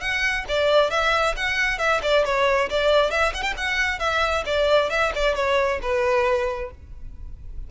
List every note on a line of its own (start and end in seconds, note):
0.00 0.44 F#5
0.48 0.90 D5
0.90 1.35 E5
1.36 1.78 F#5
1.78 2.00 E5
2.02 2.24 D5
2.24 2.69 C#5
2.69 3.11 D5
3.11 3.33 E5
3.34 3.42 F#5
3.42 3.53 G5
3.57 3.99 F#5
3.99 4.43 E5
4.45 4.90 D5
4.90 5.12 E5
5.15 5.35 D5
5.35 5.79 C#5
5.82 6.71 B4